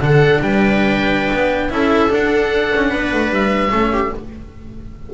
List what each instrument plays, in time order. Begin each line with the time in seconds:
0.00 double bass D3, cello D4, viola A4, oboe F#5
0.41 double bass G3, viola B4, oboe G5
1.33 double bass B3
1.70 double bass C#4, cello E4, viola A4, oboe E5
2.09 cello D4, double bass D4, oboe F#5
2.76 double bass C#4
2.90 double bass B3, viola B4
3.13 double bass A3
3.31 double bass G3, oboe E5
3.70 double bass A3, cello C#4, viola A4
3.93 viola G4